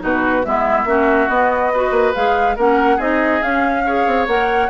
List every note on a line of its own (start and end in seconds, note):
0.00 0.46 B2
0.00 0.43 D#4
0.00 0.46 F#4
0.00 0.45 B4
0.45 0.85 G#3
0.45 0.87 B3
0.45 0.89 E4
0.45 1.29 E5
0.85 1.28 A#3
0.85 1.30 C#4
0.85 1.74 F#4
1.29 1.91 B3
1.29 1.72 B3
1.29 2.14 D#5
1.74 2.15 F#4
1.74 2.57 B4
1.91 2.13 A#3
2.15 2.58 G#3
2.15 2.58 G#4
2.15 2.57 F5
2.57 2.99 A#3
2.57 3.00 C#4
2.57 2.97 A#4
2.57 3.01 F#5
2.97 3.42 C4
2.97 3.42 D#4
2.97 3.82 G#4
2.97 3.43 D#5
3.43 3.86 C#4
3.43 4.07 C#4
3.43 4.28 F5
3.86 4.29 G#4
3.86 4.70 C#5
4.07 4.28 C4
4.28 4.70 A#3
4.28 4.70 A#4
4.28 4.70 F#5